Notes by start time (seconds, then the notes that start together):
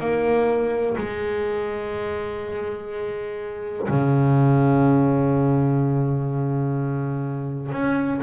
0.00 A#3
0.98 G#3
3.89 C#3
7.72 C#4